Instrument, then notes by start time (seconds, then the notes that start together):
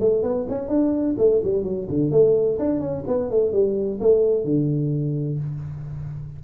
tuba
0.00 A3
0.23 B3
0.48 C#4
0.68 D4
1.18 A3
1.43 G3
1.63 F#3
1.89 D3
2.11 A3
2.59 D4
2.80 C#4
3.07 B3
3.30 A3
3.52 G3
4.00 A3
4.44 D3